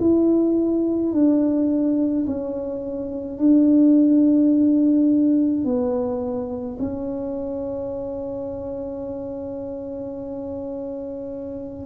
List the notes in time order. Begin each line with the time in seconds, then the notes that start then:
0.00 E4
1.13 D4
2.27 C#4
3.39 D4
5.65 B3
6.80 C#4